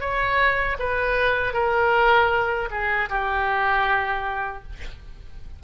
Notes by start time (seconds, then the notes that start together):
0.00 C#5
0.79 B4
1.53 A#4
2.71 G#4
3.09 G4